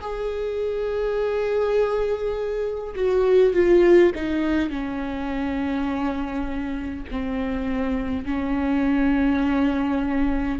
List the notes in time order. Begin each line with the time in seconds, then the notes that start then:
0.00 G#4
2.95 F#4
3.53 F4
4.14 D#4
4.70 C#4
7.11 C4
8.25 C#4